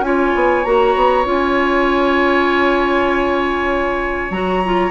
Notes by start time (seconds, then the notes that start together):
0.00 C#4 F4 C#5 G#5
0.35 B3
0.64 A#3 F#4 A#5
0.95 B3
1.24 C#4 F4
1.31 G#5
4.30 F#3 F#4 A#5
4.65 F4